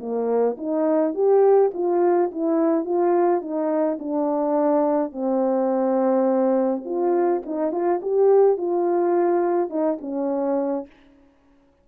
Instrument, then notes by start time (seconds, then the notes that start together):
horn
0.00 A#3
0.58 D#4
1.15 G4
1.75 F4
2.32 E4
2.85 F4
3.42 D#4
3.99 D4
5.12 C4
6.86 F4
7.46 D#4
7.72 F4
8.02 G4
8.58 F4
9.70 D#4
10.01 C#4